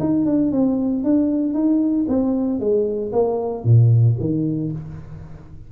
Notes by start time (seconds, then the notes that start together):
0.00 D#4
0.26 D4
0.52 C4
1.04 D4
1.54 D#4
2.08 C4
2.60 G#3
3.13 A#3
3.65 A#2
4.20 D#3